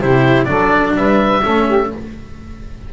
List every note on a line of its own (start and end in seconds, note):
0.00 0.48 C3
0.00 0.46 E4
0.00 0.48 G4
0.00 0.45 C5
0.45 0.96 F#3
0.45 1.41 D4
0.45 0.95 A4
0.45 0.93 D5
0.96 1.43 G3
0.96 1.43 B4
0.96 1.92 E5
1.43 1.93 A3
1.43 1.91 C#4
1.43 1.67 A4
1.67 1.90 G4